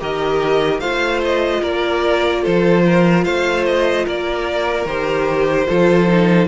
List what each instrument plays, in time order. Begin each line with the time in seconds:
0.00 cello D#3, viola G4, violin A#4 D#5
0.80 cello A3, viola F4, violin C5 F5
1.24 violin D#5
1.61 cello A#3, violin A#4 D5
2.42 cello F3, violin A4 C5
2.86 violin A#4
3.23 cello A3, violin C5 F5
3.66 violin D#5
4.05 cello A#3, violin A#4 D5
4.85 cello D#3, viola G4, violin C5
5.67 cello F3, viola F4, violin A4
6.08 viola D#4